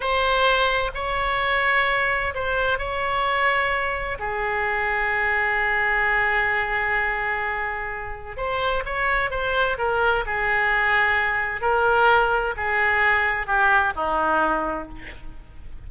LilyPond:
\new Staff \with { instrumentName = "oboe" } { \time 4/4 \tempo 4 = 129 c''2 cis''2~ | cis''4 c''4 cis''2~ | cis''4 gis'2.~ | gis'1~ |
gis'2 c''4 cis''4 | c''4 ais'4 gis'2~ | gis'4 ais'2 gis'4~ | gis'4 g'4 dis'2 | }